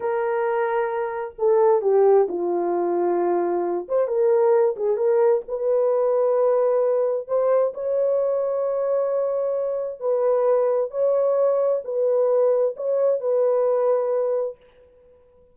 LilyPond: \new Staff \with { instrumentName = "horn" } { \time 4/4 \tempo 4 = 132 ais'2. a'4 | g'4 f'2.~ | f'8 c''8 ais'4. gis'8 ais'4 | b'1 |
c''4 cis''2.~ | cis''2 b'2 | cis''2 b'2 | cis''4 b'2. | }